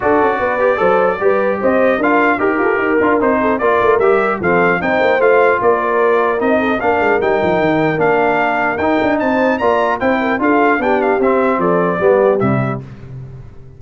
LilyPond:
<<
  \new Staff \with { instrumentName = "trumpet" } { \time 4/4 \tempo 4 = 150 d''1 | dis''4 f''4 ais'2 | c''4 d''4 e''4 f''4 | g''4 f''4 d''2 |
dis''4 f''4 g''2 | f''2 g''4 a''4 | ais''4 g''4 f''4 g''8 f''8 | e''4 d''2 e''4 | }
  \new Staff \with { instrumentName = "horn" } { \time 4/4 a'4 b'4 c''4 b'4 | c''4 ais'4 g'8 a'8 ais'4~ | ais'8 a'8 ais'2 a'4 | c''2 ais'2~ |
ais'8 a'8 ais'2.~ | ais'2. c''4 | d''4 c''8 ais'8 a'4 g'4~ | g'4 a'4 g'2 | }
  \new Staff \with { instrumentName = "trombone" } { \time 4/4 fis'4. g'8 a'4 g'4~ | g'4 f'4 g'4. f'8 | dis'4 f'4 g'4 c'4 | dis'4 f'2. |
dis'4 d'4 dis'2 | d'2 dis'2 | f'4 e'4 f'4 d'4 | c'2 b4 g4 | }
  \new Staff \with { instrumentName = "tuba" } { \time 4/4 d'8 cis'8 b4 fis4 g4 | c'4 d'4 dis'8 f'8 dis'8 d'8 | c'4 ais8 a8 g4 f4 | c'8 ais8 a4 ais2 |
c'4 ais8 gis8 g8 f8 dis4 | ais2 dis'8 d'8 c'4 | ais4 c'4 d'4 b4 | c'4 f4 g4 c4 | }
>>